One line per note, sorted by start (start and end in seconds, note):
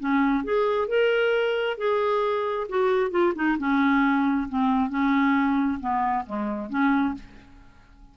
0.00 0.44 C#4
0.44 0.89 G#4
0.89 1.78 A#4
1.78 2.68 G#4
2.69 3.11 F#4
3.11 3.33 F4
3.36 3.58 D#4
3.59 4.48 C#4
4.49 4.90 C4
4.90 5.80 C#4
5.80 6.25 B3
6.26 6.70 G#3
6.70 7.15 C#4